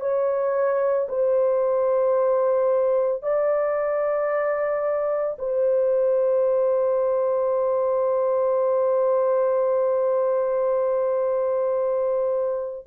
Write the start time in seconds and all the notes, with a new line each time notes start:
0.00 C#5
1.09 C5
3.23 D5
5.39 C5